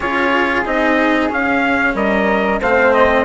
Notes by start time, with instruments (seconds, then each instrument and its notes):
0.00 bassoon C#4, cello F4, flute G#4, trumpet C#5
0.65 bassoon C4, cello D#4, trumpet D#5
1.29 cello C#4, bassoon C#4, trumpet F5
1.94 bassoon G3, flute A#4, trumpet D#5
2.60 bassoon A3, cello C4, flute C5, trumpet F5
2.93 trumpet D#5